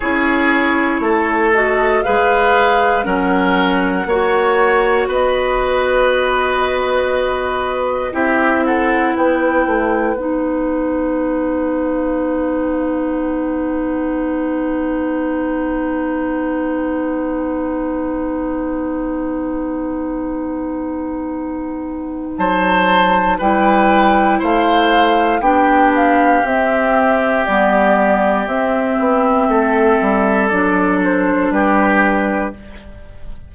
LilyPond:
<<
  \new Staff \with { instrumentName = "flute" } { \time 4/4 \tempo 4 = 59 cis''4. dis''8 f''4 fis''4~ | fis''4 dis''2. | e''8 fis''8 g''4 fis''2~ | fis''1~ |
fis''1~ | fis''2 a''4 g''4 | f''4 g''8 f''8 e''4 d''4 | e''2 d''8 c''8 b'4 | }
  \new Staff \with { instrumentName = "oboe" } { \time 4/4 gis'4 a'4 b'4 ais'4 | cis''4 b'2. | g'8 a'8 b'2.~ | b'1~ |
b'1~ | b'2 c''4 b'4 | c''4 g'2.~ | g'4 a'2 g'4 | }
  \new Staff \with { instrumentName = "clarinet" } { \time 4/4 e'4. fis'8 gis'4 cis'4 | fis'1 | e'2 dis'2~ | dis'1~ |
dis'1~ | dis'2. e'4~ | e'4 d'4 c'4 b4 | c'2 d'2 | }
  \new Staff \with { instrumentName = "bassoon" } { \time 4/4 cis'4 a4 gis4 fis4 | ais4 b2. | c'4 b8 a8 b2~ | b1~ |
b1~ | b2 fis4 g4 | a4 b4 c'4 g4 | c'8 b8 a8 g8 fis4 g4 | }
>>